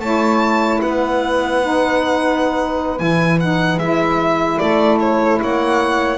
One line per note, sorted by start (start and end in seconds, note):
0.00 0.80 A3
0.00 1.62 E4
0.00 0.81 C#5
0.00 0.81 A5
0.81 3.00 B3
0.81 4.60 B4
0.81 2.99 F#5
1.62 2.99 D#4
2.99 3.78 E3
2.99 3.39 E4
2.99 3.39 G#5
3.40 3.81 D#4
3.40 3.79 F#5
3.78 4.58 G#3
3.78 6.18 E4
3.78 4.58 E5
4.58 5.41 A3
4.58 5.40 A4
4.58 4.99 D5
5.00 5.40 C#5
5.41 6.18 A#3
5.41 6.18 C#5
5.41 6.18 F#5